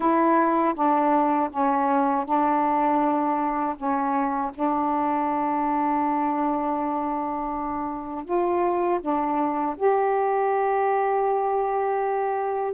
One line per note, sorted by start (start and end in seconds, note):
0.00 0.74 E4
0.74 1.49 D4
1.50 2.25 C#4
2.25 3.75 D4
3.76 4.51 C#4
4.54 8.25 D4
8.25 9.00 F4
9.00 9.75 D4
9.76 12.73 G4